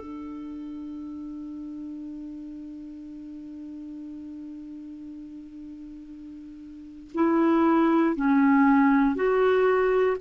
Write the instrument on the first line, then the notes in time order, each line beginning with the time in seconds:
clarinet
0.00 D4
7.15 E4
8.16 C#4
9.16 F#4